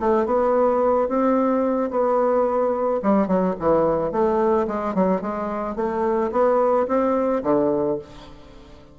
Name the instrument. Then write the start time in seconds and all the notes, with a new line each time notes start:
bassoon
0.00 A3
0.26 B3
1.09 C4
1.91 B3
3.03 G3
3.27 F#3
3.59 E3
4.12 A3
4.67 G#3
4.95 F#3
5.21 G#3
5.76 A3
6.32 B3
6.88 C4
7.44 D3